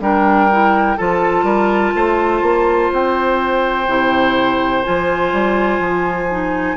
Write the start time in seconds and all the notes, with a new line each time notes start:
0.00 G3 D4 A#4 G5
0.51 E4
0.97 F3 F4 A4 A5
1.43 G3 A#4
1.94 A3 C5
2.41 A#3
2.92 C4 G5
3.87 C3 E4
4.84 F3 F4 G#5
5.32 G3
5.79 F3
6.30 D#4